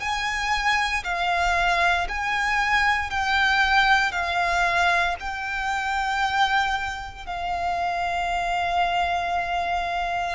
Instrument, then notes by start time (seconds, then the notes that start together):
violin
0.00 G#5
1.03 F5
2.08 G#5
3.10 G5
4.11 F5
5.20 G5
7.26 F5